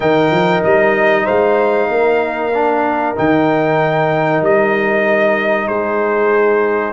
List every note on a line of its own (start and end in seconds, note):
0.00 0.30 D#3
0.00 2.52 D#4
0.00 1.24 A#4
0.00 0.63 G5
0.30 0.62 F3
0.64 1.27 G3
0.64 1.26 D#5
1.24 1.88 G#3
1.24 1.87 C5
1.24 3.15 F5
1.88 3.15 A#3
1.88 5.68 A#4
2.53 3.15 D4
3.15 4.41 D#3
3.15 6.92 D#4
3.15 4.43 G5
4.41 5.67 G3
4.41 5.67 D#5
5.67 6.92 G#3
5.67 6.92 G#4
5.67 6.92 C5